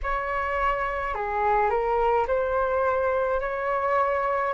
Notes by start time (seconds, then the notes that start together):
0.03 C#5
1.14 G#4
1.70 A#4
2.27 C5
3.40 C#5